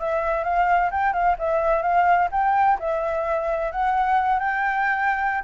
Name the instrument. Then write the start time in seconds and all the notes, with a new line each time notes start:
flute
0.00 E5
0.44 F5
0.92 G5
1.14 F5
1.39 E5
1.83 F5
2.32 G5
2.80 E5
3.72 F#5
4.40 G5